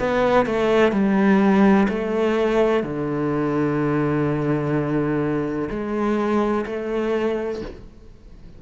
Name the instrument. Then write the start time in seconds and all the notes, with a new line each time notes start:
cello
0.00 B3
0.46 A3
0.92 G3
1.89 A3
2.84 D3
5.70 G#3
6.66 A3